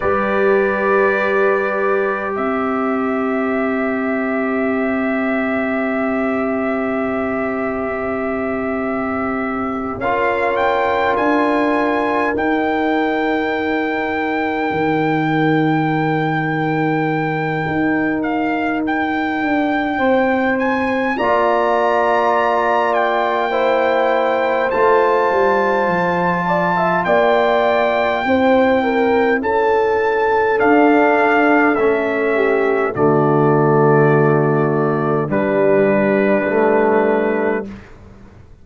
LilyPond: <<
  \new Staff \with { instrumentName = "trumpet" } { \time 4/4 \tempo 4 = 51 d''2 e''2~ | e''1~ | e''8 f''8 g''8 gis''4 g''4.~ | g''2.~ g''8 f''8 |
g''4. gis''8 ais''4. g''8~ | g''4 a''2 g''4~ | g''4 a''4 f''4 e''4 | d''2 b'2 | }
  \new Staff \with { instrumentName = "horn" } { \time 4/4 b'2 c''2~ | c''1~ | c''8 ais'2.~ ais'8~ | ais'1~ |
ais'4 c''4 d''2 | c''2~ c''8 d''16 e''16 d''4 | c''8 ais'8 a'2~ a'8 g'8 | fis'2 d'2 | }
  \new Staff \with { instrumentName = "trombone" } { \time 4/4 g'1~ | g'1~ | g'8 f'2 dis'4.~ | dis'1~ |
dis'2 f'2 | e'4 f'2. | e'2 d'4 cis'4 | a2 g4 a4 | }
  \new Staff \with { instrumentName = "tuba" } { \time 4/4 g2 c'2~ | c'1~ | c'8 cis'4 d'4 dis'4.~ | dis'8 dis2~ dis8 dis'4~ |
dis'8 d'8 c'4 ais2~ | ais4 a8 g8 f4 ais4 | c'4 cis'4 d'4 a4 | d2 g2 | }
>>